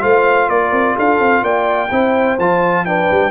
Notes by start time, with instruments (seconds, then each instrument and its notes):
0.00 tuba A3, trombone F4, horn C5, trumpet F5
0.49 tuba A#3, horn A#4, trumpet D5
0.72 tuba C4
0.96 tuba D4, horn A4, trumpet F5
1.19 tuba C4
1.43 tuba A#3, horn D5, trumpet G5
1.91 tuba C4, trombone E4, horn C5
2.38 tuba F3, trombone F4, trumpet A5
2.85 trombone D4, horn B4, trumpet G5
3.11 tuba G3